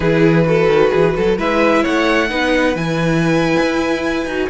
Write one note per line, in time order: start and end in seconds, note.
0.00 0.68 E3
0.00 0.44 E4
0.00 0.45 G#4
0.00 1.38 B4
0.45 1.38 F#4
0.45 0.90 A4
0.68 0.91 D#3
0.90 1.16 E3
0.90 1.13 G#4
1.15 1.37 F#3
1.15 1.38 A4
1.37 1.84 G#3
1.37 2.29 E4
1.37 1.82 B4
1.37 1.84 E5
1.82 2.31 A3
1.82 2.28 C#5
1.82 2.76 F#5
2.29 2.75 B3
2.29 2.75 D#4
2.29 4.48 B4
2.75 3.55 E3
2.75 4.25 E4
2.75 4.49 G#5
3.59 4.25 E4
4.25 4.48 D#4
4.25 4.49 F#4